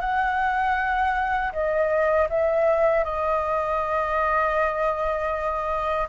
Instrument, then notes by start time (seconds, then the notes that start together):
flute
0.00 F#5
1.52 D#5
2.29 E5
3.04 D#5